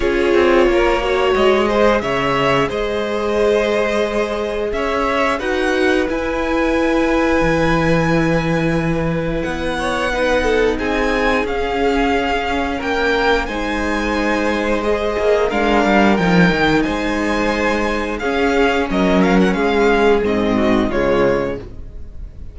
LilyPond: <<
  \new Staff \with { instrumentName = "violin" } { \time 4/4 \tempo 4 = 89 cis''2 dis''4 e''4 | dis''2. e''4 | fis''4 gis''2.~ | gis''2 fis''2 |
gis''4 f''2 g''4 | gis''2 dis''4 f''4 | g''4 gis''2 f''4 | dis''8 f''16 fis''16 f''4 dis''4 cis''4 | }
  \new Staff \with { instrumentName = "violin" } { \time 4/4 gis'4 ais'8 cis''4 c''8 cis''4 | c''2. cis''4 | b'1~ | b'2~ b'8 cis''8 b'8 a'8 |
gis'2. ais'4 | c''2. ais'4~ | ais'4 c''2 gis'4 | ais'4 gis'4. fis'8 f'4 | }
  \new Staff \with { instrumentName = "viola" } { \time 4/4 f'4. fis'4 gis'4.~ | gis'1 | fis'4 e'2.~ | e'2. dis'4~ |
dis'4 cis'2. | dis'2 gis'4 d'4 | dis'2. cis'4~ | cis'2 c'4 gis4 | }
  \new Staff \with { instrumentName = "cello" } { \time 4/4 cis'8 c'8 ais4 gis4 cis4 | gis2. cis'4 | dis'4 e'2 e4~ | e2 b2 |
c'4 cis'2 ais4 | gis2~ gis8 ais8 gis8 g8 | f8 dis8 gis2 cis'4 | fis4 gis4 gis,4 cis4 | }
>>